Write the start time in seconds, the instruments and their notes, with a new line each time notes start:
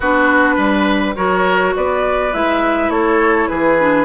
0.00 bassoon B3, clarinet D4, oboe F#4, flute B4
0.55 bassoon G3, oboe B4
1.15 bassoon F#3, clarinet F#4, oboe A#4, flute C#5
1.75 bassoon B3, oboe B4, flute D5
2.32 bassoon G#3, clarinet E4, flute E5
2.89 bassoon A3, oboe A4, flute C#5
3.48 bassoon E3, oboe G#4, flute B4
3.78 clarinet D4